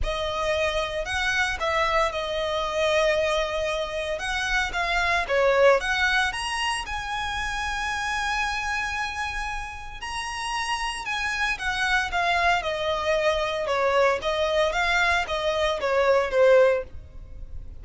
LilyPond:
\new Staff \with { instrumentName = "violin" } { \time 4/4 \tempo 4 = 114 dis''2 fis''4 e''4 | dis''1 | fis''4 f''4 cis''4 fis''4 | ais''4 gis''2.~ |
gis''2. ais''4~ | ais''4 gis''4 fis''4 f''4 | dis''2 cis''4 dis''4 | f''4 dis''4 cis''4 c''4 | }